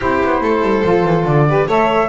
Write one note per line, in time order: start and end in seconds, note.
0.00 0.22 C4
0.00 0.83 E4
0.00 0.40 G4
0.00 1.25 C5
0.24 0.40 B3
0.40 0.61 A3
0.40 1.47 A4
0.61 0.82 G3
0.83 1.04 F3
0.83 1.46 F4
1.04 1.24 E3
1.24 1.66 D3
1.24 1.67 D5
1.48 1.67 G4
1.48 1.67 B4
1.67 2.08 A3
1.67 2.08 A4
1.67 2.08 C#5
1.67 2.08 E5